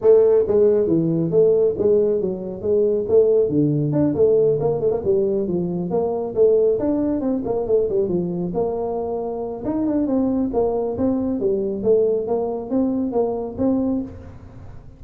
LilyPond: \new Staff \with { instrumentName = "tuba" } { \time 4/4 \tempo 4 = 137 a4 gis4 e4 a4 | gis4 fis4 gis4 a4 | d4 d'8 a4 ais8 a16 ais16 g8~ | g8 f4 ais4 a4 d'8~ |
d'8 c'8 ais8 a8 g8 f4 ais8~ | ais2 dis'8 d'8 c'4 | ais4 c'4 g4 a4 | ais4 c'4 ais4 c'4 | }